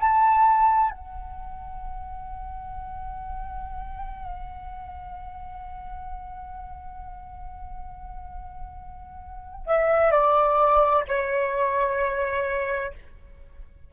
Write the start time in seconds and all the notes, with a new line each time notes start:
0.00 A5
0.91 F#5
9.66 E5
10.11 D5
11.08 C#5